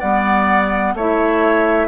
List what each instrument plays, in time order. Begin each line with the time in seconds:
0.00 bassoon G3, clarinet B3, oboe D5, flute F#5
0.95 bassoon A3, clarinet E4, oboe C#5, flute E5